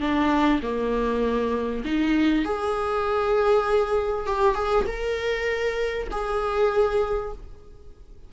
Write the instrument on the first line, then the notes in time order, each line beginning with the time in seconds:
viola
0.00 D4
0.62 A#3
1.85 D#4
2.44 G#4
4.26 G4
4.55 G#4
4.86 A#4
6.11 G#4